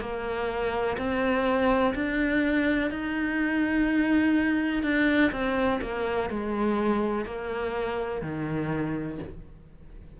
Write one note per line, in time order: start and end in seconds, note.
0.00 0.97 A#3
0.97 1.94 C4
1.94 2.90 D4
2.90 4.83 D#4
4.83 5.31 D4
5.31 5.80 C4
5.81 6.29 A#3
6.29 7.25 G#3
7.25 8.21 A#3
8.21 9.18 D#3